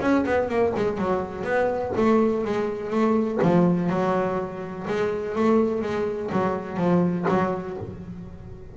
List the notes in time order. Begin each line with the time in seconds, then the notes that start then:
0.00 C#4
0.26 B3
0.49 A#3
0.76 G#3
0.97 F#3
1.43 B3
1.96 A3
2.45 G#3
2.90 A3
3.42 F3
3.89 F#3
4.87 G#3
5.35 A3
5.81 G#3
6.31 F#3
6.77 F3
7.28 F#3